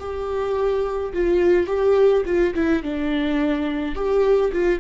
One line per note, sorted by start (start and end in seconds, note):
0.00 1.13 G4
1.13 1.67 F4
1.67 2.24 G4
2.26 2.55 F4
2.55 2.83 E4
2.83 3.95 D4
3.95 4.52 G4
4.53 4.80 F4